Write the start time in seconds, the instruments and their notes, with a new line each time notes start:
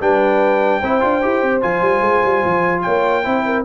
0.00 tuba G3, trombone D4, horn B4, trumpet G5
0.80 tuba C4, trombone E4, horn C5
1.00 tuba D4, trombone F4
1.22 tuba E4, trombone G4
1.42 tuba C4
1.61 tuba F3, trombone F4, trumpet G#5
1.81 tuba G3
2.01 tuba G#3
2.23 tuba G3
2.44 tuba F3
2.81 tuba A#3, horn C#5, trumpet G5
3.23 tuba C4, trombone E4, horn C5
3.45 horn A#4